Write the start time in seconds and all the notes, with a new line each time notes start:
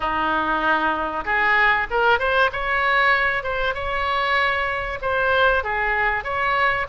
0.00 D#4
1.24 G#4
1.90 A#4
2.19 C5
2.52 C#5
3.43 C5
3.74 C#5
5.01 C5
5.63 G#4
6.24 C#5